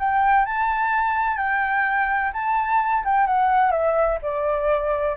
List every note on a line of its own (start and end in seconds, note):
0.00 0.46 G5
0.46 1.38 A5
1.38 2.32 G5
2.34 3.05 A5
3.05 3.27 G5
3.27 3.72 F#5
3.72 4.19 E5
4.23 5.17 D5